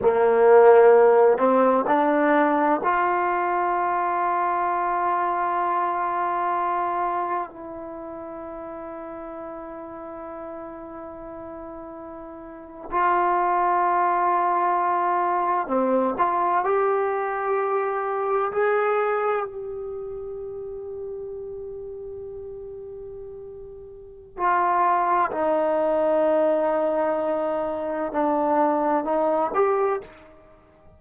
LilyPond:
\new Staff \with { instrumentName = "trombone" } { \time 4/4 \tempo 4 = 64 ais4. c'8 d'4 f'4~ | f'1 | e'1~ | e'4.~ e'16 f'2~ f'16~ |
f'8. c'8 f'8 g'2 gis'16~ | gis'8. g'2.~ g'16~ | g'2 f'4 dis'4~ | dis'2 d'4 dis'8 g'8 | }